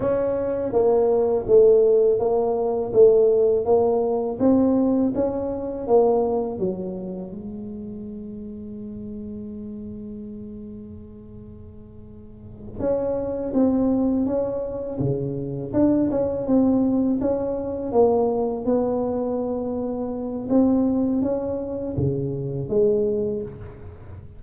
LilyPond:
\new Staff \with { instrumentName = "tuba" } { \time 4/4 \tempo 4 = 82 cis'4 ais4 a4 ais4 | a4 ais4 c'4 cis'4 | ais4 fis4 gis2~ | gis1~ |
gis4. cis'4 c'4 cis'8~ | cis'8 cis4 d'8 cis'8 c'4 cis'8~ | cis'8 ais4 b2~ b8 | c'4 cis'4 cis4 gis4 | }